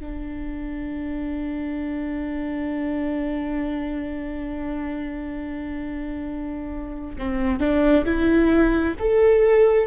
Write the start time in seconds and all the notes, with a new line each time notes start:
0.00 D4
7.18 C4
7.60 D4
8.05 E4
8.99 A4